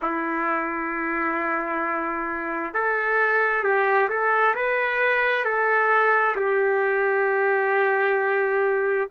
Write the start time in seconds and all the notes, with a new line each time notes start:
0.02 E4
2.74 A4
3.63 G4
4.09 A4
4.55 B4
5.44 A4
6.36 G4